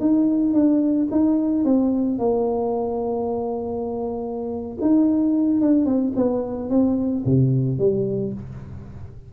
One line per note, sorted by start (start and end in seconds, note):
0.00 0.53 D#4
0.53 1.08 D4
1.11 1.65 D#4
1.65 2.18 C4
2.18 4.78 A#3
4.81 5.61 D#4
5.61 5.85 D4
5.85 6.12 C4
6.16 6.70 B3
6.70 7.24 C4
7.25 7.78 C3
7.78 8.33 G3